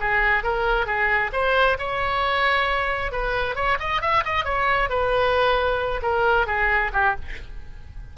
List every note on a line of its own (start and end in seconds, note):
0.00 0.43 G#4
0.43 0.86 A#4
0.86 1.31 G#4
1.32 1.77 C5
1.78 3.12 C#5
3.12 3.55 B4
3.55 3.78 C#5
3.79 4.01 D#5
4.01 4.24 E5
4.25 4.44 D#5
4.44 4.89 C#5
4.89 6.01 B4
6.02 6.47 A#4
6.47 6.91 G#4
6.93 7.15 G4